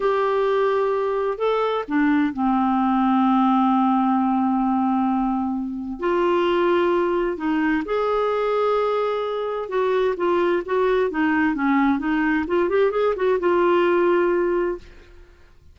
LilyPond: \new Staff \with { instrumentName = "clarinet" } { \time 4/4 \tempo 4 = 130 g'2. a'4 | d'4 c'2.~ | c'1~ | c'4 f'2. |
dis'4 gis'2.~ | gis'4 fis'4 f'4 fis'4 | dis'4 cis'4 dis'4 f'8 g'8 | gis'8 fis'8 f'2. | }